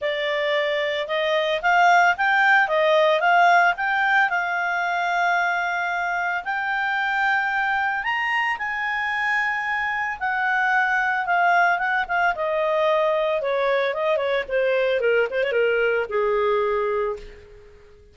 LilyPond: \new Staff \with { instrumentName = "clarinet" } { \time 4/4 \tempo 4 = 112 d''2 dis''4 f''4 | g''4 dis''4 f''4 g''4 | f''1 | g''2. ais''4 |
gis''2. fis''4~ | fis''4 f''4 fis''8 f''8 dis''4~ | dis''4 cis''4 dis''8 cis''8 c''4 | ais'8 c''16 cis''16 ais'4 gis'2 | }